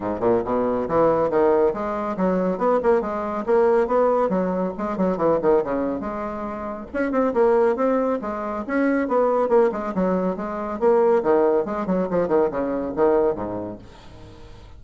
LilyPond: \new Staff \with { instrumentName = "bassoon" } { \time 4/4 \tempo 4 = 139 gis,8 ais,8 b,4 e4 dis4 | gis4 fis4 b8 ais8 gis4 | ais4 b4 fis4 gis8 fis8 | e8 dis8 cis4 gis2 |
cis'8 c'8 ais4 c'4 gis4 | cis'4 b4 ais8 gis8 fis4 | gis4 ais4 dis4 gis8 fis8 | f8 dis8 cis4 dis4 gis,4 | }